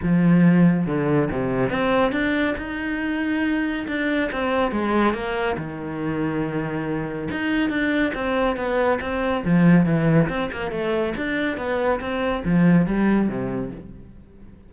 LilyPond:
\new Staff \with { instrumentName = "cello" } { \time 4/4 \tempo 4 = 140 f2 d4 c4 | c'4 d'4 dis'2~ | dis'4 d'4 c'4 gis4 | ais4 dis2.~ |
dis4 dis'4 d'4 c'4 | b4 c'4 f4 e4 | c'8 ais8 a4 d'4 b4 | c'4 f4 g4 c4 | }